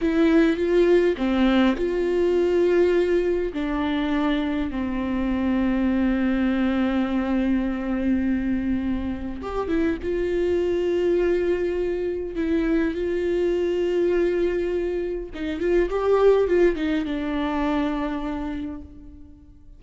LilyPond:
\new Staff \with { instrumentName = "viola" } { \time 4/4 \tempo 4 = 102 e'4 f'4 c'4 f'4~ | f'2 d'2 | c'1~ | c'1 |
g'8 e'8 f'2.~ | f'4 e'4 f'2~ | f'2 dis'8 f'8 g'4 | f'8 dis'8 d'2. | }